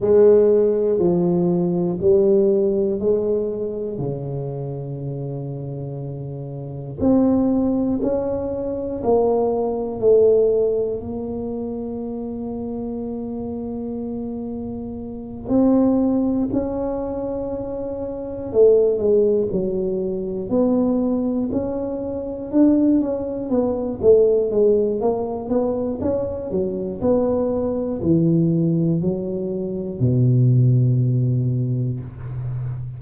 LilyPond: \new Staff \with { instrumentName = "tuba" } { \time 4/4 \tempo 4 = 60 gis4 f4 g4 gis4 | cis2. c'4 | cis'4 ais4 a4 ais4~ | ais2.~ ais8 c'8~ |
c'8 cis'2 a8 gis8 fis8~ | fis8 b4 cis'4 d'8 cis'8 b8 | a8 gis8 ais8 b8 cis'8 fis8 b4 | e4 fis4 b,2 | }